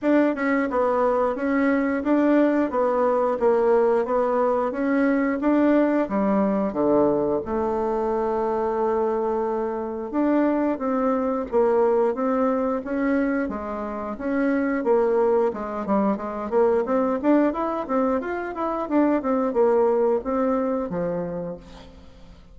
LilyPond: \new Staff \with { instrumentName = "bassoon" } { \time 4/4 \tempo 4 = 89 d'8 cis'8 b4 cis'4 d'4 | b4 ais4 b4 cis'4 | d'4 g4 d4 a4~ | a2. d'4 |
c'4 ais4 c'4 cis'4 | gis4 cis'4 ais4 gis8 g8 | gis8 ais8 c'8 d'8 e'8 c'8 f'8 e'8 | d'8 c'8 ais4 c'4 f4 | }